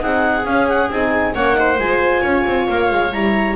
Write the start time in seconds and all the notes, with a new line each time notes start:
0.00 C4 D#4 G#4 F#5
0.45 C#4 F5
0.68 F#5
0.90 C4 D#4 G#5
1.34 A#3 C#4 C#5 F#5
1.53 D#4 C5
1.78 G#3 F4 G#5
2.21 C#4 C#5
2.45 C4
2.69 A#3 F5
2.91 G#3
3.12 G3 E4 A#5